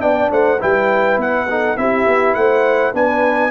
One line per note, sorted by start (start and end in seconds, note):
0.00 0.31 B3
0.00 0.58 D4
0.00 0.32 D5
0.00 0.30 G5
0.32 0.61 A3
0.32 0.61 C5
0.32 0.62 F#5
0.60 1.18 G3
0.60 1.48 E4
0.60 1.48 B4
0.60 1.21 G5
1.18 1.76 B3
1.18 1.78 F#5
1.50 1.78 D#4
1.50 1.79 A4
1.77 2.06 C4
1.77 2.94 E4
1.77 2.38 G4
1.77 2.35 E5
2.07 2.35 B3
2.35 2.94 A3
2.35 2.93 C5
2.35 2.93 F#5
2.93 3.51 B3
2.93 3.51 D4
2.93 3.51 B4
2.93 3.51 G#5